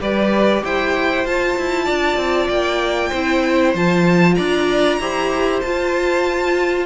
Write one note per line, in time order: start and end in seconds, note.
0.00 0.64 G3
0.00 1.25 G4
0.00 0.63 B4
0.00 0.65 D5
0.65 1.26 E4
0.65 1.86 C5
0.65 1.26 G5
1.26 1.57 F4
1.26 3.15 F4
1.26 2.48 A5
1.58 1.89 E4
1.86 2.17 D4
1.86 3.09 D5
2.17 2.48 C4
2.48 3.11 A#3
2.48 3.73 G5
3.09 3.74 C4
3.09 3.76 E4
3.09 4.34 C5
3.74 4.37 F3
3.74 5.01 F4
3.74 4.35 A5
4.35 4.99 D4
4.35 4.99 D5
4.35 5.60 A#5
4.99 5.62 E4
4.99 5.63 G4
4.99 6.86 C5
5.61 6.86 F4
5.61 6.86 A5